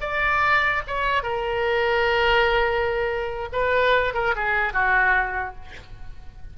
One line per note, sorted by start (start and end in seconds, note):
0.00 0.82 D5
0.86 1.22 C#5
1.22 3.48 A#4
3.52 4.14 B4
4.14 4.34 A#4
4.35 4.73 G#4
4.73 5.55 F#4